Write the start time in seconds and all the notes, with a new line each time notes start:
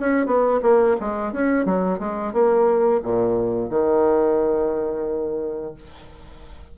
0.00 C#4
0.26 B3
0.62 A#3
1.00 G#3
1.33 C#4
1.65 F#3
1.99 G#3
2.33 A#3
3.03 A#2
3.70 D#3